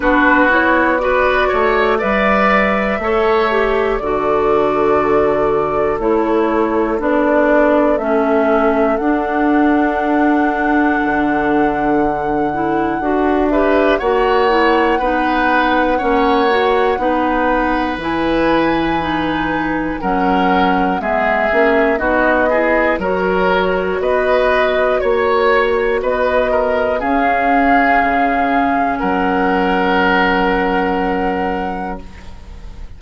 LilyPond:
<<
  \new Staff \with { instrumentName = "flute" } { \time 4/4 \tempo 4 = 60 b'8 cis''8 d''4 e''2 | d''2 cis''4 d''4 | e''4 fis''2.~ | fis''4. e''8 fis''2~ |
fis''2 gis''2 | fis''4 e''4 dis''4 cis''4 | dis''4 cis''4 dis''4 f''4~ | f''4 fis''2. | }
  \new Staff \with { instrumentName = "oboe" } { \time 4/4 fis'4 b'8 cis''8 d''4 cis''4 | a'1~ | a'1~ | a'4. b'8 cis''4 b'4 |
cis''4 b'2. | ais'4 gis'4 fis'8 gis'8 ais'4 | b'4 cis''4 b'8 ais'8 gis'4~ | gis'4 ais'2. | }
  \new Staff \with { instrumentName = "clarinet" } { \time 4/4 d'8 e'8 fis'4 b'4 a'8 g'8 | fis'2 e'4 d'4 | cis'4 d'2.~ | d'8 e'8 fis'8 g'8 fis'8 e'8 dis'4 |
cis'8 fis'8 dis'4 e'4 dis'4 | cis'4 b8 cis'8 dis'8 e'8 fis'4~ | fis'2. cis'4~ | cis'1 | }
  \new Staff \with { instrumentName = "bassoon" } { \time 4/4 b4. a8 g4 a4 | d2 a4 b4 | a4 d'2 d4~ | d4 d'4 ais4 b4 |
ais4 b4 e2 | fis4 gis8 ais8 b4 fis4 | b4 ais4 b4 cis'4 | cis4 fis2. | }
>>